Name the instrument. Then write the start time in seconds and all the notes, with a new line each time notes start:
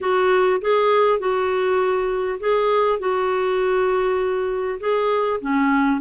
clarinet
0.00 F#4
0.61 G#4
1.19 F#4
2.39 G#4
2.99 F#4
4.80 G#4
5.41 C#4